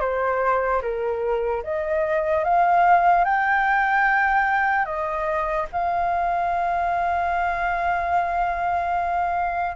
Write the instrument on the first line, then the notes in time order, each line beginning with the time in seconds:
flute
0.00 C5
0.82 A#4
1.63 D#5
2.44 F5
3.25 G5
4.85 D#5
5.72 F5